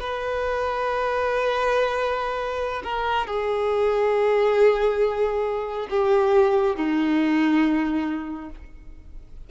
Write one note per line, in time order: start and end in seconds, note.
0.00 2.83 B4
2.84 3.27 A#4
3.27 5.88 G#4
5.90 6.76 G4
6.76 8.50 D#4